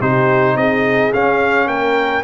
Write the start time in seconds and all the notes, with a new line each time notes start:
0.00 C3 D#4 G4 C5
0.56 C4 G#4 D#5
1.13 C#4 F5
1.67 A#3 A#4 G5